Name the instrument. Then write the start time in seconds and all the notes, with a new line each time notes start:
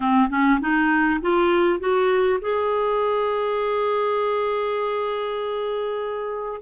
clarinet
0.00 C4
0.29 C#4
0.60 D#4
1.21 F4
1.79 F#4
2.41 G#4